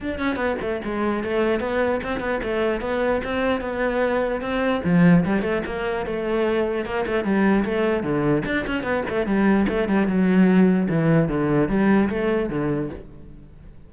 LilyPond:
\new Staff \with { instrumentName = "cello" } { \time 4/4 \tempo 4 = 149 d'8 cis'8 b8 a8 gis4 a4 | b4 c'8 b8 a4 b4 | c'4 b2 c'4 | f4 g8 a8 ais4 a4~ |
a4 ais8 a8 g4 a4 | d4 d'8 cis'8 b8 a8 g4 | a8 g8 fis2 e4 | d4 g4 a4 d4 | }